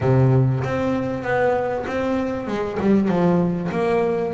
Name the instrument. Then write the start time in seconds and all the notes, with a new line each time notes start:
double bass
0.01 C3
0.64 C4
1.23 B3
1.86 C4
2.47 G#3
2.79 G3
3.08 F3
3.71 A#3